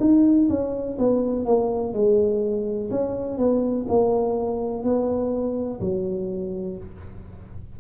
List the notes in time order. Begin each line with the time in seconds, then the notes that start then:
0.00 D#4
0.49 C#4
0.99 B3
1.46 A#3
1.94 G#3
2.91 C#4
3.38 B3
3.88 A#3
4.83 B3
5.81 F#3